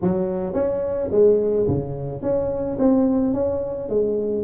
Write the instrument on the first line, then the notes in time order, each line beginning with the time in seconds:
tuba
0.01 F#3
0.53 C#4
1.11 G#3
1.67 C#3
2.21 C#4
2.79 C4
3.33 C#4
3.89 G#3